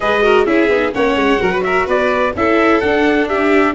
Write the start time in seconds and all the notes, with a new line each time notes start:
0.00 G#3 G#4 B4 D#5
0.22 F#4 A#4
0.45 C#4 E4 G#4 E5
0.68 B3 D#4
0.93 A#3 C#4 C#5 F#5
1.15 G#3
1.38 F#3 F#4 A#4
1.51 B4
1.63 A#4 E5
1.86 B3 B4 D5
2.34 C#4 E4 A4 E5
2.80 D4 F#5
3.28 G4 E5